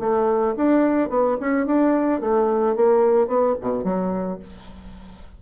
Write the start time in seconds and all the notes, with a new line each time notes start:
0.00 A3
0.57 D4
1.10 B3
1.41 C#4
1.67 D4
2.21 A3
2.76 A#3
3.28 B3
3.61 B2
3.85 F#3